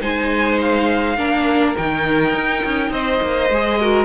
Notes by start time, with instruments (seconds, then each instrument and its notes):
0.00 cello G#3, viola D#4, violin C5 G#5
0.60 violin F5
1.17 cello A#3, viola D4, violin A#4
1.76 cello D#3, viola D#4, violin G5
2.34 cello D#4
2.64 cello C#4
2.91 cello C4, violin C5 D#5
3.22 cello A#3
3.49 cello G#3, viola G#4
3.79 viola F#4, violin A#4